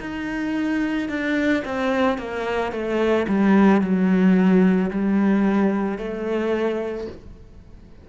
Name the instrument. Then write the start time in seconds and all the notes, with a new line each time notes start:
cello
0.00 D#4
1.09 D4
1.65 C4
2.18 A#3
2.72 A3
3.28 G3
3.81 F#3
4.91 G3
5.98 A3